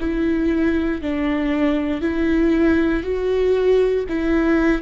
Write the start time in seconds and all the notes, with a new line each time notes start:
0.00 E4
1.02 D4
2.02 E4
3.03 F#4
4.09 E4